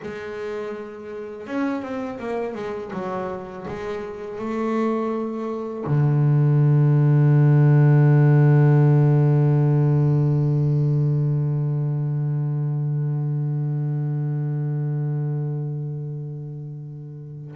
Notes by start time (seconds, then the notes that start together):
0.02 G#3
1.46 C#4
1.81 C4
2.19 A#3
2.54 G#3
2.93 F#3
3.67 G#3
4.38 A3
5.86 D3